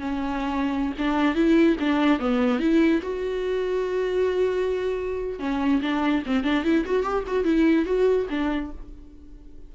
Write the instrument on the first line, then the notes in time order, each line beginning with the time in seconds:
viola
0.00 C#4
0.99 D4
1.35 E4
1.80 D4
2.20 B3
2.60 E4
3.03 F#4
5.40 C#4
5.82 D4
6.27 C4
6.44 D4
6.65 E4
6.86 F#4
7.03 G4
7.28 F#4
7.45 E4
7.86 F#4
8.30 D4